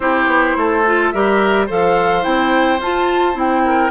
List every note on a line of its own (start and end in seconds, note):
0.00 0.26 C4
0.00 0.85 E4
0.00 0.57 G4
0.00 1.10 C5
0.26 0.54 B3
0.56 1.12 A3
0.56 1.14 A4
0.85 1.13 F4
1.10 1.69 G3
1.10 1.68 G4
1.10 1.66 A#4
1.10 1.66 E5
1.66 2.25 F3
1.66 2.22 A4
1.66 3.62 C5
1.66 2.23 F5
2.22 2.79 C4
2.22 2.78 E4
2.22 2.79 G5
2.79 3.34 F4
2.79 3.33 F4
2.79 3.38 A5
3.33 3.90 C4
3.33 3.89 E4
3.33 3.91 G5
3.65 3.91 A#4